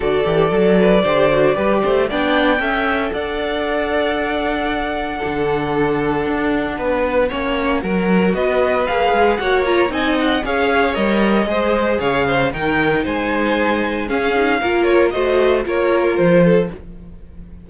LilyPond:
<<
  \new Staff \with { instrumentName = "violin" } { \time 4/4 \tempo 4 = 115 d''1 | g''2 fis''2~ | fis''1~ | fis''1 |
dis''4 f''4 fis''8 ais''8 gis''8 fis''8 | f''4 dis''2 f''4 | g''4 gis''2 f''4~ | f''8 cis''8 dis''4 cis''4 c''4 | }
  \new Staff \with { instrumentName = "violin" } { \time 4/4 a'4. b'8 c''4 b'8 c''8 | d''4 e''4 d''2~ | d''2 a'2~ | a'4 b'4 cis''4 ais'4 |
b'2 cis''4 dis''4 | cis''2 c''4 cis''8 c''8 | ais'4 c''2 gis'4 | ais'4 c''4 ais'4. a'8 | }
  \new Staff \with { instrumentName = "viola" } { \time 4/4 fis'8 g'8 a'4 g'8 fis'8 g'4 | d'4 a'2.~ | a'2 d'2~ | d'2 cis'4 fis'4~ |
fis'4 gis'4 fis'8 f'8 dis'4 | gis'4 ais'4 gis'2 | dis'2. cis'8 dis'8 | f'4 fis'4 f'2 | }
  \new Staff \with { instrumentName = "cello" } { \time 4/4 d8 e8 fis4 d4 g8 a8 | b4 cis'4 d'2~ | d'2 d2 | d'4 b4 ais4 fis4 |
b4 ais8 gis8 ais4 c'4 | cis'4 g4 gis4 cis4 | dis4 gis2 cis'4 | ais4 a4 ais4 f4 | }
>>